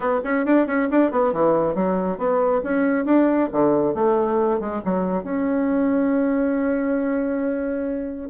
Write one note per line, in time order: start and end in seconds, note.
0.00 0.20 B3
0.23 0.45 C#4
0.45 0.66 D4
0.66 0.88 C#4
0.90 1.11 D4
1.11 1.33 B3
1.33 1.74 E3
1.74 2.17 F#3
2.17 2.61 B3
2.63 3.05 C#4
3.05 3.49 D4
3.52 3.94 D3
3.94 4.59 A3
4.59 4.81 G#3
4.84 5.23 F#3
5.23 8.29 C#4